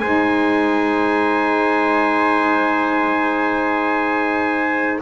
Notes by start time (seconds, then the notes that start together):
0.00 G#3 D#4 C5 G#5